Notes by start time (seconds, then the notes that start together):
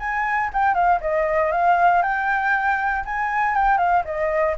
0.00 G#5
0.54 G5
0.75 F5
1.01 D#5
1.52 F5
2.03 G5
3.06 G#5
3.56 G5
3.78 F5
4.05 D#5